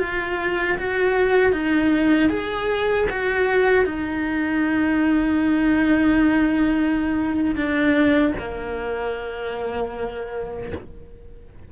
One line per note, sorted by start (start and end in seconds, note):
0.00 0.78 F4
0.78 1.52 F#4
1.52 2.30 D#4
2.30 3.08 G#4
3.10 3.85 F#4
3.85 7.55 D#4
7.56 8.34 D4
8.39 10.73 A#3